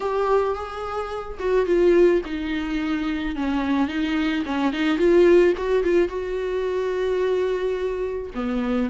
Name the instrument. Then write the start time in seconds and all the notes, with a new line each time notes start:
viola
0.00 G4
0.54 G#4
1.39 F#4
1.66 F4
2.25 D#4
3.35 C#4
3.87 D#4
4.45 C#4
4.72 D#4
4.97 F4
5.57 F#4
5.83 F4
6.08 F#4
8.34 B3